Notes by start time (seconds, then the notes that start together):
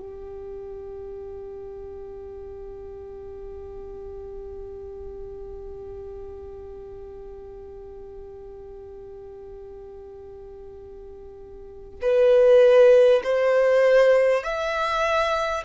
0.00 G4
12.02 B4
13.24 C5
14.44 E5